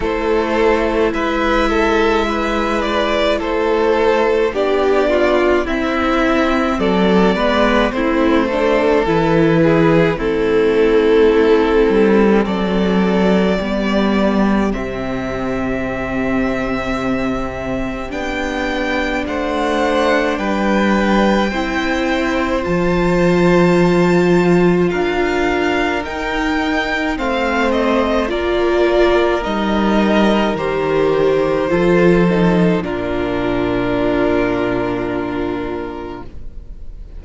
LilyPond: <<
  \new Staff \with { instrumentName = "violin" } { \time 4/4 \tempo 4 = 53 c''4 e''4. d''8 c''4 | d''4 e''4 d''4 c''4 | b'4 a'2 d''4~ | d''4 e''2. |
g''4 fis''4 g''2 | a''2 f''4 g''4 | f''8 dis''8 d''4 dis''4 c''4~ | c''4 ais'2. | }
  \new Staff \with { instrumentName = "violin" } { \time 4/4 a'4 b'8 a'8 b'4 a'4 | g'8 f'8 e'4 a'8 b'8 e'8 a'8~ | a'8 gis'8 e'2 a'4 | g'1~ |
g'4 c''4 b'4 c''4~ | c''2 ais'2 | c''4 ais'2. | a'4 f'2. | }
  \new Staff \with { instrumentName = "viola" } { \time 4/4 e'1 | d'4 c'4. b8 c'8 d'8 | e'4 c'2. | b4 c'2. |
d'2. e'4 | f'2. dis'4 | c'4 f'4 dis'4 g'4 | f'8 dis'8 d'2. | }
  \new Staff \with { instrumentName = "cello" } { \time 4/4 a4 gis2 a4 | b4 c'4 fis8 gis8 a4 | e4 a4. g8 fis4 | g4 c2. |
b4 a4 g4 c'4 | f2 d'4 dis'4 | a4 ais4 g4 dis4 | f4 ais,2. | }
>>